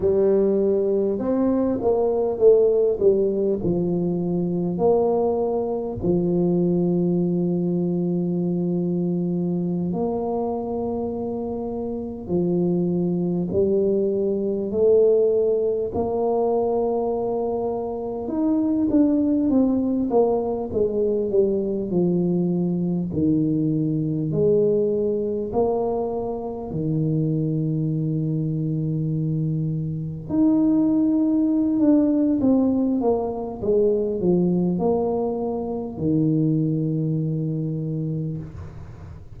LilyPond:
\new Staff \with { instrumentName = "tuba" } { \time 4/4 \tempo 4 = 50 g4 c'8 ais8 a8 g8 f4 | ais4 f2.~ | f16 ais2 f4 g8.~ | g16 a4 ais2 dis'8 d'16~ |
d'16 c'8 ais8 gis8 g8 f4 dis8.~ | dis16 gis4 ais4 dis4.~ dis16~ | dis4~ dis16 dis'4~ dis'16 d'8 c'8 ais8 | gis8 f8 ais4 dis2 | }